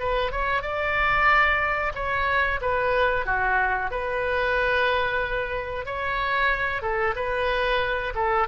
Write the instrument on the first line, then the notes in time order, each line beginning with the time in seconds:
oboe
0.00 B4
0.31 C#5
0.62 D5
1.95 C#5
2.61 B4
3.26 F#4
3.91 B4
5.86 C#5
6.82 A4
7.16 B4
8.15 A4